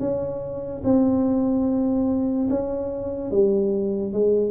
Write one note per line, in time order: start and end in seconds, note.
0.00 0.82 C#4
0.84 2.48 C4
2.50 3.31 C#4
3.31 4.13 G3
4.13 4.51 G#3